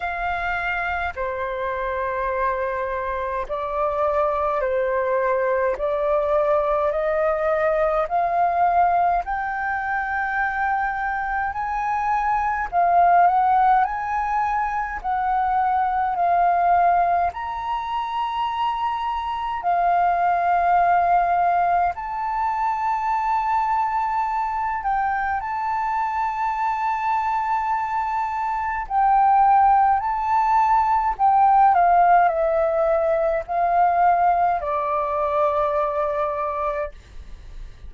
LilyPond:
\new Staff \with { instrumentName = "flute" } { \time 4/4 \tempo 4 = 52 f''4 c''2 d''4 | c''4 d''4 dis''4 f''4 | g''2 gis''4 f''8 fis''8 | gis''4 fis''4 f''4 ais''4~ |
ais''4 f''2 a''4~ | a''4. g''8 a''2~ | a''4 g''4 a''4 g''8 f''8 | e''4 f''4 d''2 | }